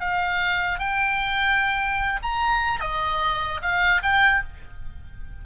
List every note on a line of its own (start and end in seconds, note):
0.00 0.79 F5
0.79 2.20 G5
2.22 2.80 A#5
2.80 3.61 D#5
3.61 4.02 F5
4.03 4.43 G5